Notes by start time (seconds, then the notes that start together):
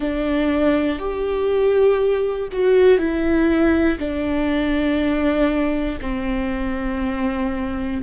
0.00 D4
0.98 G4
2.52 F#4
2.98 E4
3.99 D4
6.01 C4